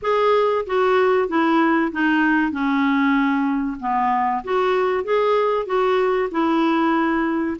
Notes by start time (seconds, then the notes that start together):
0.01 G#4
0.66 F#4
1.28 E4
1.92 D#4
2.51 C#4
3.80 B3
4.44 F#4
5.04 G#4
5.66 F#4
6.31 E4